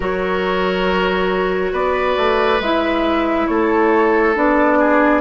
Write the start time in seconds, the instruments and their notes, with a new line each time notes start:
0.00 bassoon F#3, clarinet F#4, oboe A#4, flute C#5
1.72 bassoon B3, oboe B4, flute D5
2.17 bassoon A3
2.59 bassoon G#3, clarinet E4, flute E5
3.47 bassoon A3, oboe A4, flute C#5
4.35 bassoon B3, clarinet D4, flute D5
4.78 oboe G#4